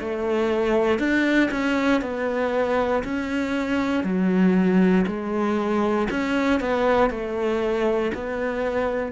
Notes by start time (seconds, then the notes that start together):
0.00 A3
0.99 D4
1.52 C#4
2.02 B3
3.04 C#4
4.04 F#3
5.07 G#3
6.11 C#4
6.60 B3
7.10 A3
8.14 B3